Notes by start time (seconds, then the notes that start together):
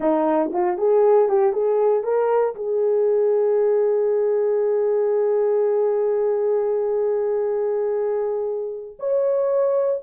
0.00 D#4
0.53 F4
0.77 G#4
1.28 G4
1.52 G#4
2.03 A#4
2.55 G#4
8.99 C#5